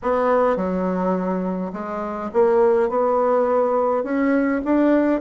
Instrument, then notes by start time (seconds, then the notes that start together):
bassoon
0.02 B3
0.56 F#3
1.72 G#3
2.33 A#3
2.89 B3
4.03 C#4
4.64 D4